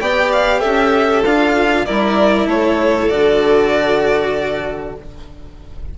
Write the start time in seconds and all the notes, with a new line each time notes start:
0.00 B3 G4 D5 G5
0.32 F5
0.60 C#4 A4 E5
1.25 D4 F4 F5
1.85 G3 E4 A#4 D5
2.46 A3 A4 C#5
3.09 D3 F#4 D5